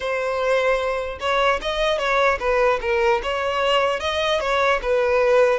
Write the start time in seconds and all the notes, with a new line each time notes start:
0.00 C5
1.20 C#5
1.61 D#5
1.98 C#5
2.39 B4
2.81 A#4
3.23 C#5
4.00 D#5
4.40 C#5
4.82 B4